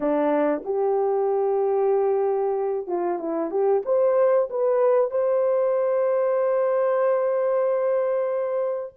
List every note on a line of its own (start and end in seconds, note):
0.00 0.62 D4
0.64 2.87 G4
2.87 3.18 F4
3.18 3.50 E4
3.50 3.82 G4
3.85 4.49 C5
4.50 5.10 B4
5.10 8.93 C5